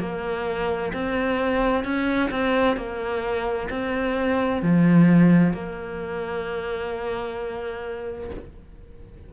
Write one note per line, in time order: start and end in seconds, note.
0.00 0.92 A#3
0.94 1.85 C4
1.85 2.31 C#4
2.31 2.77 C4
2.77 3.69 A#3
3.70 4.62 C4
4.62 5.54 F3
5.54 8.31 A#3